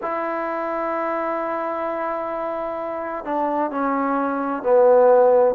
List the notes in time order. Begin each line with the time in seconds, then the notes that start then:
0.02 E4
3.24 D4
3.70 C#4
4.62 B3